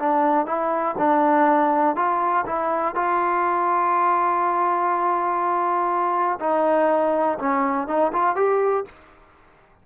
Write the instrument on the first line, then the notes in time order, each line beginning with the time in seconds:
trombone
0.00 D4
0.47 E4
0.99 D4
1.96 F4
2.47 E4
2.95 F4
6.40 D#4
7.39 C#4
7.88 D#4
8.13 F4
8.36 G4